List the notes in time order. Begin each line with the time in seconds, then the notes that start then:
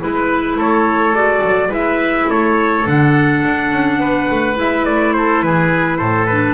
0.00 G#3 E4 B4
0.56 A3 A4 C#5
1.12 G#3 F#4 D5
1.43 F#3
1.68 G#3 E4 B4 E5
2.29 A3 A4 C#5
2.86 D3 D4 F#5
3.44 D4
3.72 C#4
3.99 B3 B4
4.30 A3
4.55 G#3 E4 E5
4.85 A3 D5
5.13 A4 C5
5.42 E3 G#4 B4
5.97 A2 A4 C5
6.26 D4 B4